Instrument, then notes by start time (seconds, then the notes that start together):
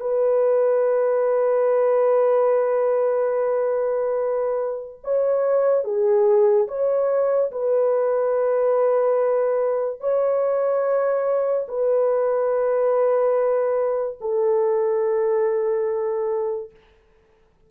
horn
0.00 B4
5.03 C#5
5.84 G#4
6.67 C#5
7.51 B4
10.00 C#5
11.68 B4
14.20 A4